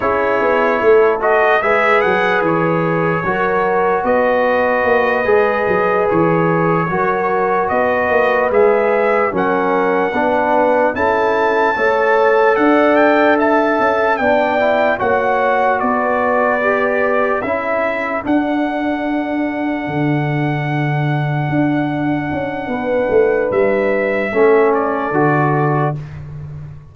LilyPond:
<<
  \new Staff \with { instrumentName = "trumpet" } { \time 4/4 \tempo 4 = 74 cis''4. dis''8 e''8 fis''8 cis''4~ | cis''4 dis''2~ dis''8 cis''8~ | cis''4. dis''4 e''4 fis''8~ | fis''4. a''2 fis''8 |
g''8 a''4 g''4 fis''4 d''8~ | d''4. e''4 fis''4.~ | fis''1~ | fis''4 e''4. d''4. | }
  \new Staff \with { instrumentName = "horn" } { \time 4/4 gis'4 a'4 b'2 | ais'4 b'2.~ | b'8 ais'4 b'2 ais'8~ | ais'8 b'4 a'4 cis''4 d''8~ |
d''8 e''4 d''4 cis''4 b'8~ | b'4. a'2~ a'8~ | a'1 | b'2 a'2 | }
  \new Staff \with { instrumentName = "trombone" } { \time 4/4 e'4. fis'8 gis'2 | fis'2~ fis'8 gis'4.~ | gis'8 fis'2 gis'4 cis'8~ | cis'8 d'4 e'4 a'4.~ |
a'4. d'8 e'8 fis'4.~ | fis'8 g'4 e'4 d'4.~ | d'1~ | d'2 cis'4 fis'4 | }
  \new Staff \with { instrumentName = "tuba" } { \time 4/4 cis'8 b8 a4 gis8 fis8 e4 | fis4 b4 ais8 gis8 fis8 e8~ | e8 fis4 b8 ais8 gis4 fis8~ | fis8 b4 cis'4 a4 d'8~ |
d'4 cis'8 b4 ais4 b8~ | b4. cis'4 d'4.~ | d'8 d2 d'4 cis'8 | b8 a8 g4 a4 d4 | }
>>